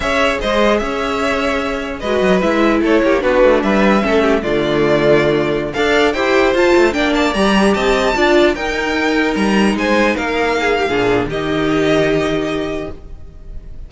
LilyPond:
<<
  \new Staff \with { instrumentName = "violin" } { \time 4/4 \tempo 4 = 149 e''4 dis''4 e''2~ | e''4 dis''4 e''4 cis''4 | b'4 e''2 d''4~ | d''2~ d''16 f''4 g''8.~ |
g''16 a''4 g''8 a''8 ais''4 a''8.~ | a''4~ a''16 g''2 ais''8.~ | ais''16 gis''4 f''2~ f''8. | dis''1 | }
  \new Staff \with { instrumentName = "violin" } { \time 4/4 cis''4 c''4 cis''2~ | cis''4 b'2 a'8 g'8 | fis'4 b'4 a'8 g'8 f'4~ | f'2~ f'16 d''4 c''8.~ |
c''4~ c''16 d''2 dis''8.~ | dis''16 d''4 ais'2~ ais'8.~ | ais'16 c''4 ais'4 gis'8 g'16 gis'4 | g'1 | }
  \new Staff \with { instrumentName = "viola" } { \time 4/4 gis'1~ | gis'4 fis'4 e'2 | d'2 cis'4 a4~ | a2~ a16 a'4 g'8.~ |
g'16 f'4 d'4 g'4.~ g'16~ | g'16 f'4 dis'2~ dis'8.~ | dis'2. d'4 | dis'1 | }
  \new Staff \with { instrumentName = "cello" } { \time 4/4 cis'4 gis4 cis'2~ | cis'4 gis8 fis8 gis4 a8 ais8 | b8 a8 g4 a4 d4~ | d2~ d16 d'4 e'8.~ |
e'16 f'8 a8 ais4 g4 c'8.~ | c'16 d'4 dis'2 g8.~ | g16 gis4 ais4.~ ais16 ais,4 | dis1 | }
>>